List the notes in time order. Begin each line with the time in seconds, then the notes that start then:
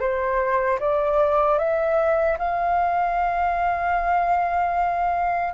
0.00 C5
0.80 D5
1.59 E5
2.38 F5